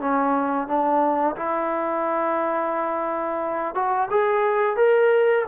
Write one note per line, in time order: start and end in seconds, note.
0.00 0.68 C#4
0.68 1.36 D4
1.36 3.75 E4
3.75 4.09 F#4
4.10 4.76 G#4
4.76 5.45 A#4